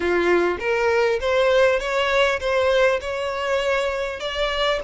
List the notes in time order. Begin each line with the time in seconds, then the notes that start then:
0.00 F4
0.59 A#4
1.20 C5
1.79 C#5
2.40 C5
3.00 C#5
4.19 D5